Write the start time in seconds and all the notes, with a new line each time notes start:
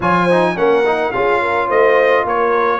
0.00 F3 F4 C#5 G#5
0.25 D#4 C5
0.56 A#3 C#4 A#4 F#5
0.86 D#4
1.11 C#4 F4 G#4 F5
1.41 A#4
1.67 A3 C5 D#5
2.24 A#3 A#4 C#5